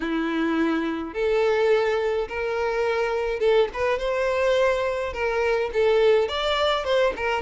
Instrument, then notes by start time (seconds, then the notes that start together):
violin
0.00 E4
1.13 A4
2.28 A#4
3.39 A4
3.73 B4
3.98 C5
5.13 A#4
5.73 A4
6.28 D5
6.84 C5
7.16 A#4